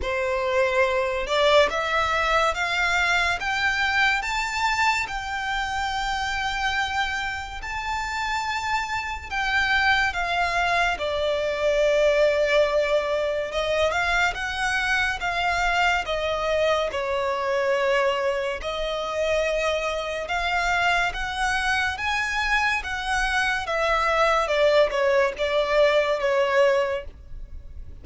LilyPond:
\new Staff \with { instrumentName = "violin" } { \time 4/4 \tempo 4 = 71 c''4. d''8 e''4 f''4 | g''4 a''4 g''2~ | g''4 a''2 g''4 | f''4 d''2. |
dis''8 f''8 fis''4 f''4 dis''4 | cis''2 dis''2 | f''4 fis''4 gis''4 fis''4 | e''4 d''8 cis''8 d''4 cis''4 | }